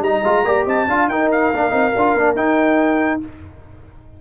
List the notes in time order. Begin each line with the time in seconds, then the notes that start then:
0.00 G3 D#4 D#5 A#5
0.24 G#3 F4
0.44 A#3 G4 D5
0.66 C4 D#5 A5
0.88 D4 F4 F5
1.08 D#4 A#4 G5
1.31 F5
1.52 A#3 D4
1.70 C4 D#4
1.96 D4 F4
2.14 A#3 D4
2.35 D#4 G5